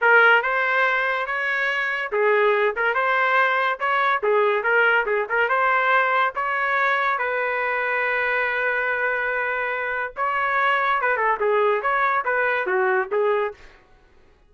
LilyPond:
\new Staff \with { instrumentName = "trumpet" } { \time 4/4 \tempo 4 = 142 ais'4 c''2 cis''4~ | cis''4 gis'4. ais'8 c''4~ | c''4 cis''4 gis'4 ais'4 | gis'8 ais'8 c''2 cis''4~ |
cis''4 b'2.~ | b'1 | cis''2 b'8 a'8 gis'4 | cis''4 b'4 fis'4 gis'4 | }